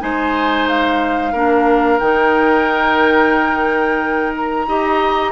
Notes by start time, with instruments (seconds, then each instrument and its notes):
0.00 bassoon G#3, clarinet D#4, oboe C5, flute G#5
0.68 flute F5
1.33 bassoon A#3, clarinet D4, oboe A#4
1.99 bassoon D#3, clarinet D#4, flute G5
4.37 flute A#5
4.67 bassoon D#4, clarinet G4, oboe D#5